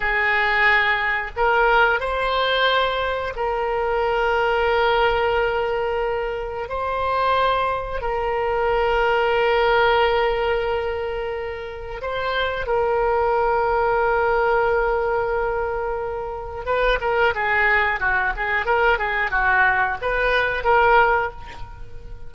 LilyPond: \new Staff \with { instrumentName = "oboe" } { \time 4/4 \tempo 4 = 90 gis'2 ais'4 c''4~ | c''4 ais'2.~ | ais'2 c''2 | ais'1~ |
ais'2 c''4 ais'4~ | ais'1~ | ais'4 b'8 ais'8 gis'4 fis'8 gis'8 | ais'8 gis'8 fis'4 b'4 ais'4 | }